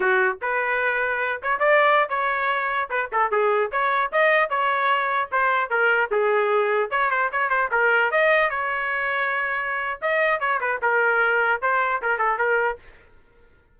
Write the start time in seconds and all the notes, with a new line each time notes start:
0.00 F#4
0.41 B4
1.42 C#5
1.59 D5
2.09 C#5
2.90 B4
3.12 A4
3.31 G#4
3.71 C#5
4.12 D#5
4.49 C#5
5.31 C5
5.69 A#4
6.11 G#4
6.90 C#5
7.10 C5
7.31 C#5
7.49 C5
7.71 A#4
8.11 D#5
8.50 C#5
10.01 D#5
10.40 C#5
10.60 B4
10.81 A#4
11.61 C5
12.02 A#4
12.18 A4
12.38 A#4